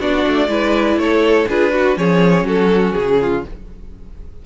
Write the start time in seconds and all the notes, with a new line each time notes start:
0.00 B3 D4 F#4 D5
0.28 A3
0.48 G#3 E4 B4
0.97 A3 A4 C#5
1.49 D4 F4 G#4 B4
1.71 F#4
1.96 F3 C#4 G#4 C#5
2.43 F#3 F#4 A4
2.93 C#3 G#4
3.21 F4